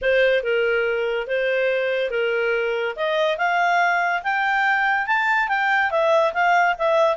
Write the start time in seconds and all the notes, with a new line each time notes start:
0.01 C5
0.43 A#4
1.27 C5
2.10 A#4
2.96 D#5
3.37 F5
4.23 G5
5.06 A5
5.48 G5
5.91 E5
6.33 F5
6.78 E5